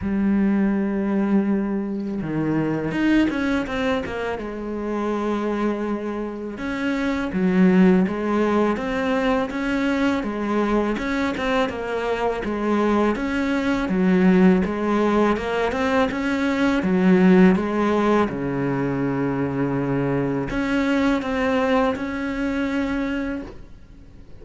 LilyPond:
\new Staff \with { instrumentName = "cello" } { \time 4/4 \tempo 4 = 82 g2. dis4 | dis'8 cis'8 c'8 ais8 gis2~ | gis4 cis'4 fis4 gis4 | c'4 cis'4 gis4 cis'8 c'8 |
ais4 gis4 cis'4 fis4 | gis4 ais8 c'8 cis'4 fis4 | gis4 cis2. | cis'4 c'4 cis'2 | }